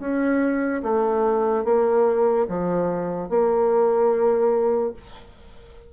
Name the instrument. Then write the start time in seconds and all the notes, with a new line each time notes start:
bassoon
0.00 C#4
0.83 A3
1.64 A#3
2.48 F3
3.29 A#3